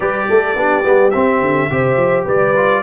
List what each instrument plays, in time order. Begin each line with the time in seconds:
0.00 tuba G3, trombone G4, horn B4, trumpet D5
0.29 tuba A3, horn A4
0.55 tuba B3, trombone D4, horn G4
0.83 tuba G3, trombone B3
1.10 trombone C4, tuba C4, trumpet E5
1.41 tuba D3
1.70 tuba C3, trombone G4, horn C5
1.96 tuba F3
2.24 tuba G3, horn B4, trumpet D5
2.56 trombone F4